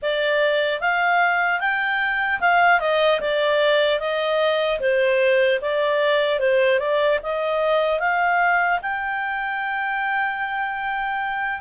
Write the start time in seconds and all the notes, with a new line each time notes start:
0.02 D5
0.80 F5
1.60 G5
2.40 F5
2.80 D#5
3.20 D5
3.99 D#5
4.80 C5
5.61 D5
6.39 C5
6.79 D5
7.23 D#5
7.99 F5
8.82 G5